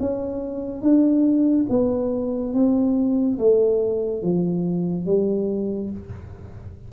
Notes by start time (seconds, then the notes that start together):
0.00 C#4
0.82 D4
1.69 B3
2.54 C4
3.38 A3
4.23 F3
5.06 G3